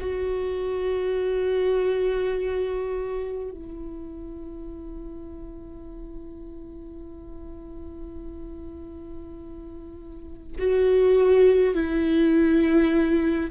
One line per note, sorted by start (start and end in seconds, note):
0.00 3.51 F#4
3.51 10.57 E4
10.59 11.75 F#4
11.75 13.51 E4